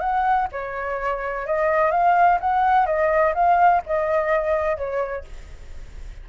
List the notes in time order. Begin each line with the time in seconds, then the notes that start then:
0.00 F#5
0.52 C#5
1.47 D#5
1.91 F5
2.40 F#5
2.86 D#5
3.34 F5
3.86 D#5
4.77 C#5